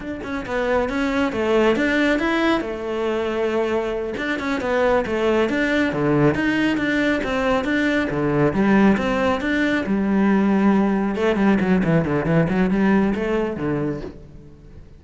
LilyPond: \new Staff \with { instrumentName = "cello" } { \time 4/4 \tempo 4 = 137 d'8 cis'8 b4 cis'4 a4 | d'4 e'4 a2~ | a4. d'8 cis'8 b4 a8~ | a8 d'4 d4 dis'4 d'8~ |
d'8 c'4 d'4 d4 g8~ | g8 c'4 d'4 g4.~ | g4. a8 g8 fis8 e8 d8 | e8 fis8 g4 a4 d4 | }